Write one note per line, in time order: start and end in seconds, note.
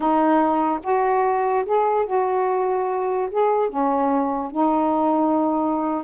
0.00 0.79 D#4
0.83 1.65 F#4
1.65 2.06 G#4
2.06 3.29 F#4
3.30 3.69 G#4
3.69 4.51 C#4
4.51 6.03 D#4